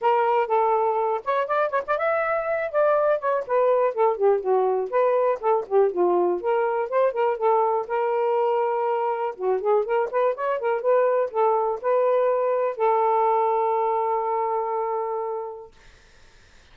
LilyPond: \new Staff \with { instrumentName = "saxophone" } { \time 4/4 \tempo 4 = 122 ais'4 a'4. cis''8 d''8 cis''16 d''16 | e''4. d''4 cis''8 b'4 | a'8 g'8 fis'4 b'4 a'8 g'8 | f'4 ais'4 c''8 ais'8 a'4 |
ais'2. fis'8 gis'8 | ais'8 b'8 cis''8 ais'8 b'4 a'4 | b'2 a'2~ | a'1 | }